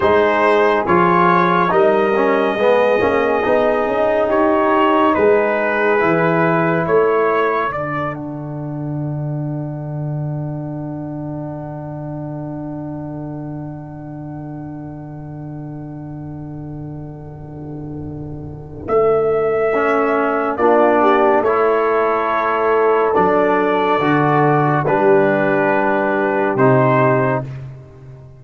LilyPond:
<<
  \new Staff \with { instrumentName = "trumpet" } { \time 4/4 \tempo 4 = 70 c''4 cis''4 dis''2~ | dis''4 cis''4 b'2 | cis''4 d''8 fis''2~ fis''8~ | fis''1~ |
fis''1~ | fis''2 e''2 | d''4 cis''2 d''4~ | d''4 b'2 c''4 | }
  \new Staff \with { instrumentName = "horn" } { \time 4/4 gis'2 ais'4 gis'4~ | gis'4 g'4 gis'2 | a'1~ | a'1~ |
a'1~ | a'1 | f'8 g'8 a'2.~ | a'4 g'2. | }
  \new Staff \with { instrumentName = "trombone" } { \time 4/4 dis'4 f'4 dis'8 cis'8 b8 cis'8 | dis'2. e'4~ | e'4 d'2.~ | d'1~ |
d'1~ | d'2. cis'4 | d'4 e'2 d'4 | fis'4 d'2 dis'4 | }
  \new Staff \with { instrumentName = "tuba" } { \time 4/4 gis4 f4 g4 gis8 ais8 | b8 cis'8 dis'4 gis4 e4 | a4 d2.~ | d1~ |
d1~ | d2 a2 | ais4 a2 fis4 | d4 g2 c4 | }
>>